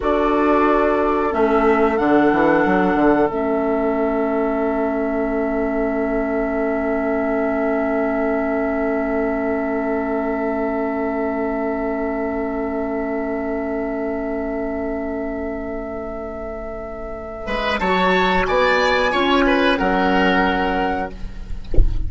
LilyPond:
<<
  \new Staff \with { instrumentName = "flute" } { \time 4/4 \tempo 4 = 91 d''2 e''4 fis''4~ | fis''4 e''2.~ | e''1~ | e''1~ |
e''1~ | e''1~ | e''2. a''4 | gis''2 fis''2 | }
  \new Staff \with { instrumentName = "oboe" } { \time 4/4 a'1~ | a'1~ | a'1~ | a'1~ |
a'1~ | a'1~ | a'2~ a'8 b'8 cis''4 | d''4 cis''8 b'8 ais'2 | }
  \new Staff \with { instrumentName = "clarinet" } { \time 4/4 fis'2 cis'4 d'4~ | d'4 cis'2.~ | cis'1~ | cis'1~ |
cis'1~ | cis'1~ | cis'2. fis'4~ | fis'4 f'4 cis'2 | }
  \new Staff \with { instrumentName = "bassoon" } { \time 4/4 d'2 a4 d8 e8 | fis8 d8 a2.~ | a1~ | a1~ |
a1~ | a1~ | a2~ a8 gis8 fis4 | b4 cis'4 fis2 | }
>>